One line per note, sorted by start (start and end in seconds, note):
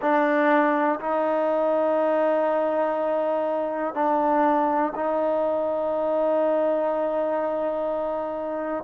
0.01 0.99 D4
1.00 3.94 D#4
3.94 4.92 D4
4.94 8.83 D#4